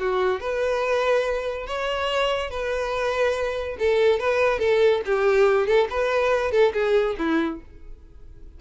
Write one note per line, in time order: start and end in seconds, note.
0.00 0.41 F#4
0.41 1.67 B4
1.67 2.50 C#5
2.50 3.77 B4
3.80 4.20 A4
4.20 4.59 B4
4.59 5.02 A4
5.06 5.67 G4
5.67 5.88 A4
5.90 6.52 B4
6.52 6.73 A4
6.74 7.16 G#4
7.19 7.61 E4